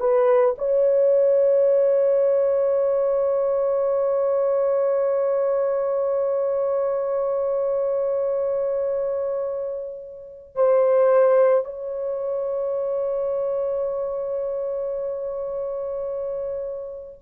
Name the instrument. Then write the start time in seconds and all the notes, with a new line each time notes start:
horn
0.00 B4
0.58 C#5
10.55 C5
11.64 C#5